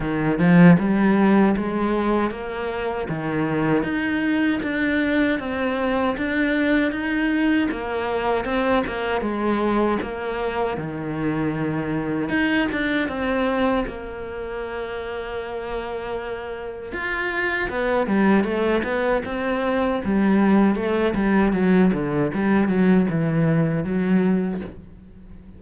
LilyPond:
\new Staff \with { instrumentName = "cello" } { \time 4/4 \tempo 4 = 78 dis8 f8 g4 gis4 ais4 | dis4 dis'4 d'4 c'4 | d'4 dis'4 ais4 c'8 ais8 | gis4 ais4 dis2 |
dis'8 d'8 c'4 ais2~ | ais2 f'4 b8 g8 | a8 b8 c'4 g4 a8 g8 | fis8 d8 g8 fis8 e4 fis4 | }